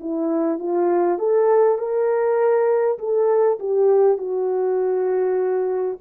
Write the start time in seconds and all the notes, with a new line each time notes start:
0.00 E4
0.59 F4
1.18 A4
1.78 A#4
2.98 A4
3.59 G4
4.18 F#4